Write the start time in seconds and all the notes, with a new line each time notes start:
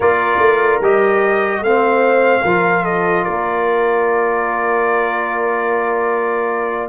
0.00 A#3 F4 A#4 D5
0.38 A3
0.80 G3 G4 D#5
1.61 A3 C4 C5 F5
2.42 F3 F4 A#4
2.83 A4 D#5
3.23 A#3 A#4 D5